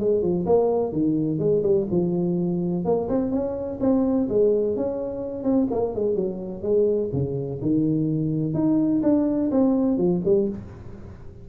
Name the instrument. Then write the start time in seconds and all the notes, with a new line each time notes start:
tuba
0.00 G#3
0.22 F3
0.47 A#3
0.93 D#3
1.39 G#3
1.63 G3
1.92 F3
2.85 A#3
3.09 C4
3.32 C#4
3.81 C4
4.30 G#3
4.77 C#4
5.44 C4
5.71 A#3
5.95 G#3
6.16 F#3
6.63 G#3
7.13 C#3
7.62 D#3
8.55 D#4
9.03 D4
9.52 C4
9.98 F3
10.26 G3